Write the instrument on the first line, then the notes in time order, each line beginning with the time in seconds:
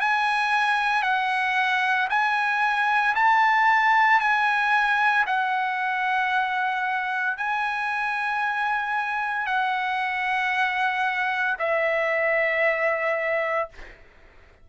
trumpet
0.00 G#5
1.02 F#5
2.09 G#5
3.15 A5
4.20 G#5
5.26 F#5
7.37 G#5
9.46 F#5
11.58 E5